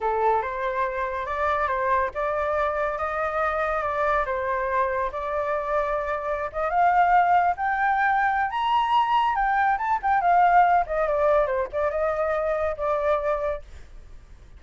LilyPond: \new Staff \with { instrumentName = "flute" } { \time 4/4 \tempo 4 = 141 a'4 c''2 d''4 | c''4 d''2 dis''4~ | dis''4 d''4 c''2 | d''2.~ d''16 dis''8 f''16~ |
f''4.~ f''16 g''2~ g''16 | ais''2 g''4 a''8 g''8 | f''4. dis''8 d''4 c''8 d''8 | dis''2 d''2 | }